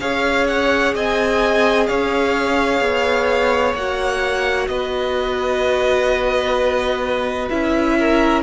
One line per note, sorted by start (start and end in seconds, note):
0.00 0.94 C#4
0.00 3.76 G#4
0.00 0.95 C#5
0.00 0.47 F5
0.48 0.95 F#5
0.95 1.89 C4
0.95 1.88 D#5
0.95 1.87 G#5
1.87 2.80 C#4
1.87 4.69 C#5
1.87 3.74 F5
2.80 3.74 B3
3.74 4.67 A#3
3.74 7.50 F#4
3.74 4.67 F#5
4.67 7.49 B3
4.67 7.98 B4
4.67 7.49 D#5
7.49 8.42 C#4
7.49 8.42 E4
7.49 8.42 E5
7.99 8.42 A#4